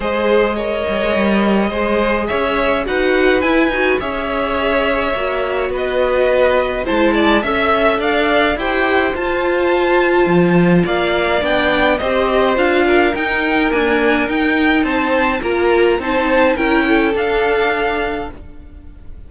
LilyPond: <<
  \new Staff \with { instrumentName = "violin" } { \time 4/4 \tempo 4 = 105 dis''1 | e''4 fis''4 gis''4 e''4~ | e''2 dis''2 | a''4 e''4 f''4 g''4 |
a''2. f''4 | g''4 dis''4 f''4 g''4 | gis''4 g''4 a''4 ais''4 | a''4 g''4 f''2 | }
  \new Staff \with { instrumentName = "violin" } { \time 4/4 c''4 cis''2 c''4 | cis''4 b'2 cis''4~ | cis''2 b'2 | c''8 d''8 e''4 d''4 c''4~ |
c''2. d''4~ | d''4 c''4. ais'4.~ | ais'2 c''4 ais'4 | c''4 ais'8 a'2~ a'8 | }
  \new Staff \with { instrumentName = "viola" } { \time 4/4 gis'4 ais'2 gis'4~ | gis'4 fis'4 e'8 fis'8 gis'4~ | gis'4 fis'2. | e'4 a'2 g'4 |
f'1 | d'4 g'4 f'4 dis'4 | ais4 dis'2 f'4 | dis'4 e'4 d'2 | }
  \new Staff \with { instrumentName = "cello" } { \time 4/4 gis4. g16 gis16 g4 gis4 | cis'4 dis'4 e'8 dis'8 cis'4~ | cis'4 ais4 b2 | gis4 cis'4 d'4 e'4 |
f'2 f4 ais4 | b4 c'4 d'4 dis'4 | d'4 dis'4 c'4 ais4 | c'4 cis'4 d'2 | }
>>